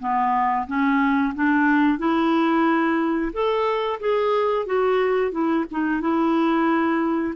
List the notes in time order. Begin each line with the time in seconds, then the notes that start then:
0.00 B3
0.67 C#4
1.35 D4
1.99 E4
3.33 A4
4.00 G#4
4.66 F#4
5.32 E4
5.72 D#4
6.01 E4